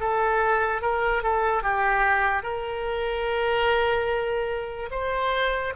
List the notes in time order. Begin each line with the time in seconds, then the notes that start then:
0.00 A4
0.81 A#4
1.23 A4
1.63 G4
2.43 A#4
4.91 C5